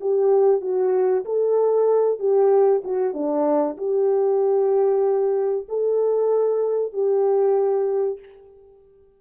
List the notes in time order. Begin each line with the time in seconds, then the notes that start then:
0.00 G4
0.61 F#4
1.24 A4
2.19 G4
2.84 F#4
3.13 D4
3.77 G4
5.68 A4
6.92 G4